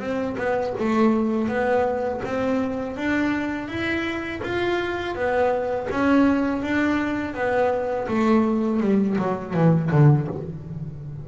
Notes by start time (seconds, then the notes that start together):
0.00 C4
0.38 B3
0.80 A3
1.49 B3
2.25 C4
2.97 D4
3.69 E4
4.44 F4
5.15 B3
5.91 C#4
6.63 D4
7.35 B3
8.08 A3
8.81 G3
9.19 F#3
9.54 E3
9.92 D3